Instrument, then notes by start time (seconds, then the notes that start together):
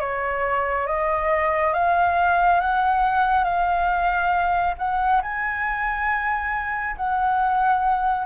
flute
0.00 C#5
0.86 D#5
1.73 F5
2.60 F#5
3.44 F5
4.78 F#5
5.22 G#5
6.96 F#5